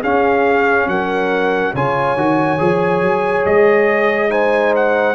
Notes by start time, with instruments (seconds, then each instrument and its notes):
0.00 trombone C#4, tuba C#4, horn G#4, trumpet F5
0.87 tuba F#3, horn A#4, trumpet F#5
1.74 tuba C#3, trombone F4, horn C#5, trumpet G#5
2.16 tuba D#3, trombone F#4
2.58 tuba F3, trombone G#4
3.01 tuba F#3
3.45 tuba G#3, trumpet D#5
4.29 trombone D#4, horn C5, trumpet G#5
4.75 trumpet F#5